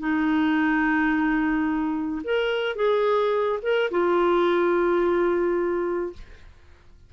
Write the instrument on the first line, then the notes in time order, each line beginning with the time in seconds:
clarinet
0.00 D#4
2.24 A#4
2.76 G#4
3.63 A#4
3.91 F4